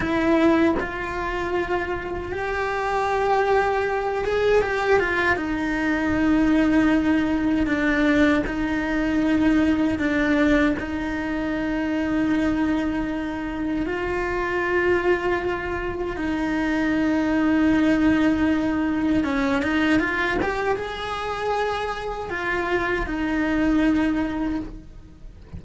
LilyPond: \new Staff \with { instrumentName = "cello" } { \time 4/4 \tempo 4 = 78 e'4 f'2 g'4~ | g'4. gis'8 g'8 f'8 dis'4~ | dis'2 d'4 dis'4~ | dis'4 d'4 dis'2~ |
dis'2 f'2~ | f'4 dis'2.~ | dis'4 cis'8 dis'8 f'8 g'8 gis'4~ | gis'4 f'4 dis'2 | }